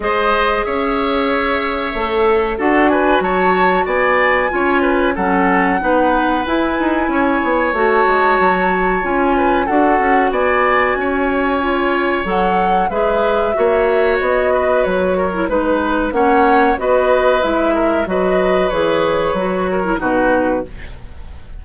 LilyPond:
<<
  \new Staff \with { instrumentName = "flute" } { \time 4/4 \tempo 4 = 93 dis''4 e''2. | fis''8 gis''8 a''4 gis''2 | fis''2 gis''2 | a''2 gis''4 fis''4 |
gis''2. fis''4 | e''2 dis''4 cis''4 | b'4 fis''4 dis''4 e''4 | dis''4 cis''2 b'4 | }
  \new Staff \with { instrumentName = "oboe" } { \time 4/4 c''4 cis''2. | a'8 b'8 cis''4 d''4 cis''8 b'8 | a'4 b'2 cis''4~ | cis''2~ cis''8 b'8 a'4 |
d''4 cis''2. | b'4 cis''4. b'4 ais'8 | b'4 cis''4 b'4. ais'8 | b'2~ b'8 ais'8 fis'4 | }
  \new Staff \with { instrumentName = "clarinet" } { \time 4/4 gis'2. a'4 | fis'2. f'4 | cis'4 dis'4 e'2 | fis'2 f'4 fis'4~ |
fis'2 f'4 a'4 | gis'4 fis'2~ fis'8. e'16 | dis'4 cis'4 fis'4 e'4 | fis'4 gis'4 fis'8. e'16 dis'4 | }
  \new Staff \with { instrumentName = "bassoon" } { \time 4/4 gis4 cis'2 a4 | d'4 fis4 b4 cis'4 | fis4 b4 e'8 dis'8 cis'8 b8 | a8 gis8 fis4 cis'4 d'8 cis'8 |
b4 cis'2 fis4 | gis4 ais4 b4 fis4 | gis4 ais4 b4 gis4 | fis4 e4 fis4 b,4 | }
>>